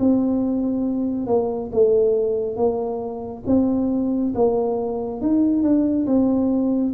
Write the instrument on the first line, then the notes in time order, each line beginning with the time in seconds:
tuba
0.00 C4
1.27 A#3
1.73 A3
2.57 A#3
3.47 C4
4.36 A#3
5.22 D#4
5.63 D4
6.07 C4